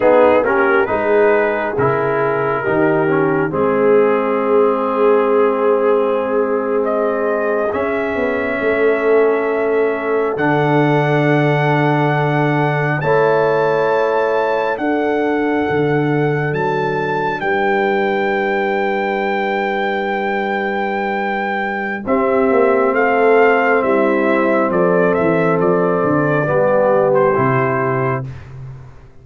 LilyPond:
<<
  \new Staff \with { instrumentName = "trumpet" } { \time 4/4 \tempo 4 = 68 gis'8 ais'8 b'4 ais'2 | gis'2.~ gis'8. dis''16~ | dis''8. e''2. fis''16~ | fis''2~ fis''8. a''4~ a''16~ |
a''8. fis''2 a''4 g''16~ | g''1~ | g''4 e''4 f''4 e''4 | d''8 e''8 d''4.~ d''16 c''4~ c''16 | }
  \new Staff \with { instrumentName = "horn" } { \time 4/4 dis'8 g'8 gis'2 g'4 | gis'1~ | gis'4.~ gis'16 a'2~ a'16~ | a'2~ a'8. cis''4~ cis''16~ |
cis''8. a'2. b'16~ | b'1~ | b'4 g'4 a'4 e'4 | a'2 g'2 | }
  \new Staff \with { instrumentName = "trombone" } { \time 4/4 b8 cis'8 dis'4 e'4 dis'8 cis'8 | c'1~ | c'8. cis'2. d'16~ | d'2~ d'8. e'4~ e'16~ |
e'8. d'2.~ d'16~ | d'1~ | d'4 c'2.~ | c'2 b4 e'4 | }
  \new Staff \with { instrumentName = "tuba" } { \time 4/4 b8 ais8 gis4 cis4 dis4 | gis1~ | gis8. cis'8 b8 a2 d16~ | d2~ d8. a4~ a16~ |
a8. d'4 d4 fis4 g16~ | g1~ | g4 c'8 ais8 a4 g4 | f8 e8 f8 d8 g4 c4 | }
>>